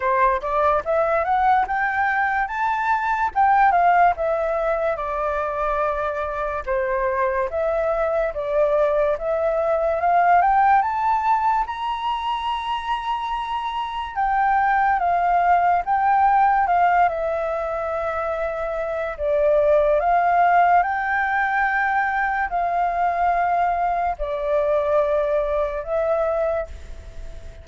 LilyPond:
\new Staff \with { instrumentName = "flute" } { \time 4/4 \tempo 4 = 72 c''8 d''8 e''8 fis''8 g''4 a''4 | g''8 f''8 e''4 d''2 | c''4 e''4 d''4 e''4 | f''8 g''8 a''4 ais''2~ |
ais''4 g''4 f''4 g''4 | f''8 e''2~ e''8 d''4 | f''4 g''2 f''4~ | f''4 d''2 e''4 | }